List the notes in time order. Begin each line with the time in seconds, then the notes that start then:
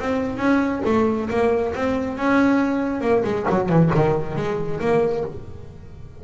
0.00 C4
0.38 C#4
0.86 A3
1.30 A#3
1.75 C4
2.18 C#4
3.02 A#3
3.25 G#3
3.50 F#3
3.69 E3
3.95 D#3
4.37 G#3
4.81 A#3